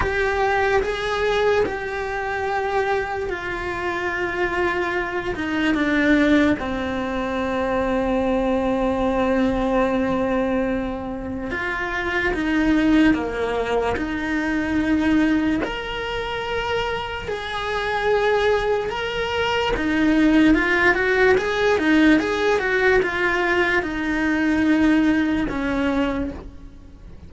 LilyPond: \new Staff \with { instrumentName = "cello" } { \time 4/4 \tempo 4 = 73 g'4 gis'4 g'2 | f'2~ f'8 dis'8 d'4 | c'1~ | c'2 f'4 dis'4 |
ais4 dis'2 ais'4~ | ais'4 gis'2 ais'4 | dis'4 f'8 fis'8 gis'8 dis'8 gis'8 fis'8 | f'4 dis'2 cis'4 | }